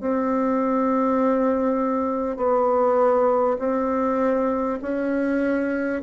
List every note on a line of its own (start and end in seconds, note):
0.00 2.37 C4
2.37 3.57 B3
3.58 4.78 C4
4.82 6.02 C#4